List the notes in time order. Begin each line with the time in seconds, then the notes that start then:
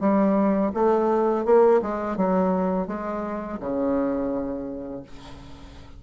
0.00 G3
0.74 A3
1.45 A#3
1.82 G#3
2.17 F#3
2.87 G#3
3.60 C#3